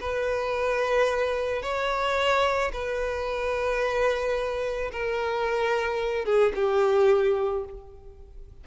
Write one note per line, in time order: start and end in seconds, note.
0.00 1.62 B4
1.62 2.71 C#5
2.73 4.91 B4
4.92 6.25 A#4
6.25 6.52 G#4
6.55 7.64 G4